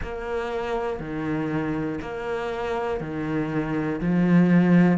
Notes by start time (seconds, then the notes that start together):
0.02 A#3
0.99 D#3
2.00 A#3
3.00 D#3
4.00 F3